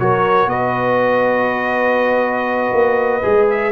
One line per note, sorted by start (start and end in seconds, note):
0.00 0.46 F#3
0.00 3.23 F#4
0.00 0.50 A#4
0.00 0.50 C#5
0.46 2.71 B3
0.46 3.73 B4
0.46 3.50 D#5
2.73 3.23 A#3
3.23 3.73 G#3
3.23 3.73 G#4
3.50 3.73 E5